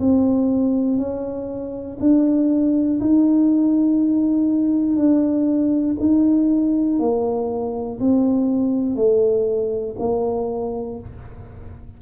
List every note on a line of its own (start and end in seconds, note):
0.00 0.98 C4
0.98 1.98 C#4
2.00 3.00 D4
3.00 4.96 D#4
4.96 5.96 D4
6.00 7.00 D#4
7.00 8.00 A#3
8.00 8.96 C4
8.96 9.96 A3
10.00 11.00 A#3